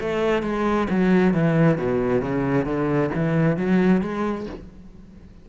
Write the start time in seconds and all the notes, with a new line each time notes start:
0.00 A3
0.42 G#3
0.90 F#3
1.34 E3
1.78 B2
2.21 C#3
2.65 D3
3.14 E3
3.57 F#3
4.01 G#3